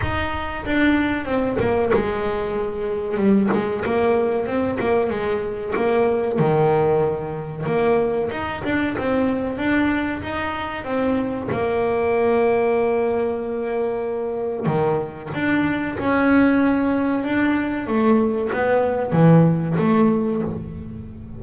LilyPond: \new Staff \with { instrumentName = "double bass" } { \time 4/4 \tempo 4 = 94 dis'4 d'4 c'8 ais8 gis4~ | gis4 g8 gis8 ais4 c'8 ais8 | gis4 ais4 dis2 | ais4 dis'8 d'8 c'4 d'4 |
dis'4 c'4 ais2~ | ais2. dis4 | d'4 cis'2 d'4 | a4 b4 e4 a4 | }